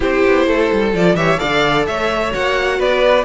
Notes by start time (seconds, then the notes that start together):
0.00 C4 E4 G4 C5
0.26 B3
0.46 A3 A4
0.72 G3
0.93 F3 F4 D5
1.14 E3 G4 C#5 E5
1.38 D3 A4 D5 F5
1.86 A3 C#5 E5
2.30 A#3 F#4 F#5
2.78 B3 B4 D5